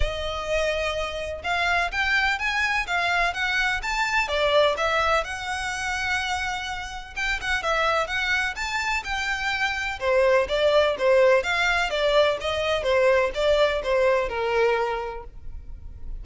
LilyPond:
\new Staff \with { instrumentName = "violin" } { \time 4/4 \tempo 4 = 126 dis''2. f''4 | g''4 gis''4 f''4 fis''4 | a''4 d''4 e''4 fis''4~ | fis''2. g''8 fis''8 |
e''4 fis''4 a''4 g''4~ | g''4 c''4 d''4 c''4 | f''4 d''4 dis''4 c''4 | d''4 c''4 ais'2 | }